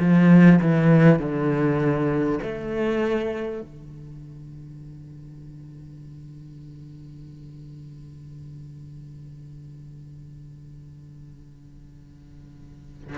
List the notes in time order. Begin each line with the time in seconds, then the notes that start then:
0.00 F3
0.62 E3
1.19 D3
2.42 A3
3.62 D3